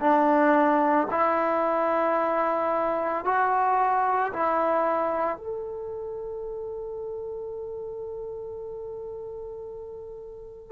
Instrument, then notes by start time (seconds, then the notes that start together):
trombone
0.00 D4
1.11 E4
3.25 F#4
4.33 E4
5.38 A4